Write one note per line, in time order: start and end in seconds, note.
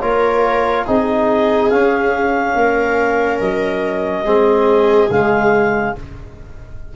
0.00 0.86 A#3
0.00 0.86 F4
0.00 0.85 A#4
0.00 0.85 C#5
0.85 1.72 C4
0.85 1.71 D#4
0.85 2.54 G#4
0.85 1.70 D#5
1.70 4.25 C#4
1.70 2.55 C#4
1.70 3.39 F5
2.55 3.39 A#3
2.55 4.24 A#4
3.40 4.23 F#3
3.40 5.09 D#5
4.23 5.08 G#3
4.23 5.09 C4
4.23 5.93 G#4
5.10 5.94 C#3
5.10 5.96 G#3
5.10 5.95 F5